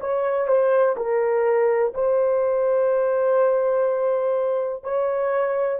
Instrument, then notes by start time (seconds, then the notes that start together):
horn
0.00 C#5
0.47 C5
0.96 A#4
1.94 C5
4.83 C#5